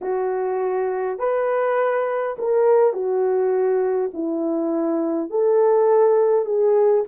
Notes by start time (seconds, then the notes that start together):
0.01 F#4
1.18 B4
2.38 A#4
2.93 F#4
4.13 E4
5.29 A4
6.45 G#4